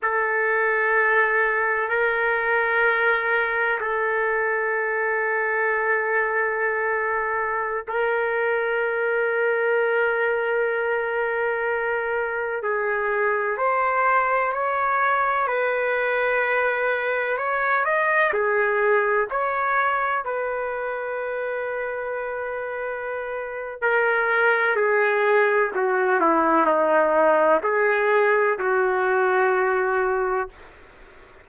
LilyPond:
\new Staff \with { instrumentName = "trumpet" } { \time 4/4 \tempo 4 = 63 a'2 ais'2 | a'1~ | a'16 ais'2.~ ais'8.~ | ais'4~ ais'16 gis'4 c''4 cis''8.~ |
cis''16 b'2 cis''8 dis''8 gis'8.~ | gis'16 cis''4 b'2~ b'8.~ | b'4 ais'4 gis'4 fis'8 e'8 | dis'4 gis'4 fis'2 | }